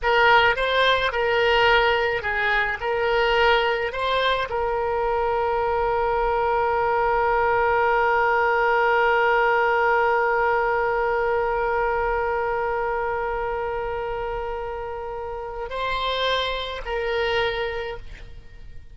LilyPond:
\new Staff \with { instrumentName = "oboe" } { \time 4/4 \tempo 4 = 107 ais'4 c''4 ais'2 | gis'4 ais'2 c''4 | ais'1~ | ais'1~ |
ais'1~ | ais'1~ | ais'1 | c''2 ais'2 | }